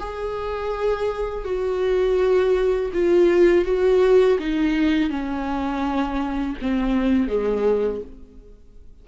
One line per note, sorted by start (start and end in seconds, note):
0.00 1.45 G#4
1.45 2.91 F#4
2.94 3.65 F4
3.65 4.38 F#4
4.39 5.10 D#4
5.10 6.57 C#4
6.62 7.28 C4
7.28 8.01 G#3